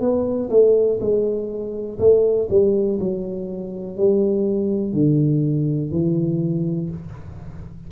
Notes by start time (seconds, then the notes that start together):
0.00 B3
0.50 A3
1.00 G#3
1.99 A3
2.50 G3
2.99 F#3
3.97 G3
4.93 D3
5.92 E3